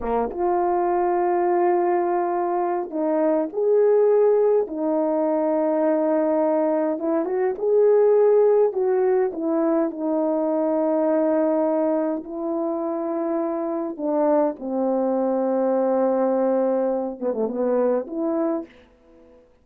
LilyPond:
\new Staff \with { instrumentName = "horn" } { \time 4/4 \tempo 4 = 103 ais8 f'2.~ f'8~ | f'4 dis'4 gis'2 | dis'1 | e'8 fis'8 gis'2 fis'4 |
e'4 dis'2.~ | dis'4 e'2. | d'4 c'2.~ | c'4. b16 a16 b4 e'4 | }